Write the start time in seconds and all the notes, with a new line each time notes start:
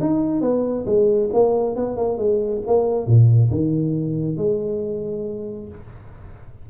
0.00 D#4
0.41 B3
0.85 G#3
1.33 A#3
1.75 B3
1.96 A#3
2.17 G#3
2.66 A#3
3.06 A#2
3.50 D#3
4.37 G#3